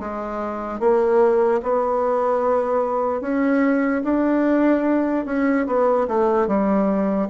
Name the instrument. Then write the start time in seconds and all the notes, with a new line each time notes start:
bassoon
0.00 G#3
0.80 A#3
1.63 B3
3.21 C#4
4.04 D4
5.26 C#4
5.67 B3
6.08 A3
6.48 G3